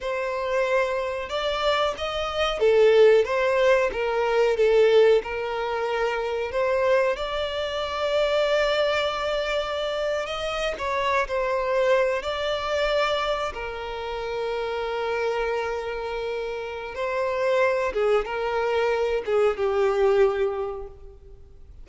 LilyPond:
\new Staff \with { instrumentName = "violin" } { \time 4/4 \tempo 4 = 92 c''2 d''4 dis''4 | a'4 c''4 ais'4 a'4 | ais'2 c''4 d''4~ | d''2.~ d''8. dis''16~ |
dis''8 cis''8. c''4. d''4~ d''16~ | d''8. ais'2.~ ais'16~ | ais'2 c''4. gis'8 | ais'4. gis'8 g'2 | }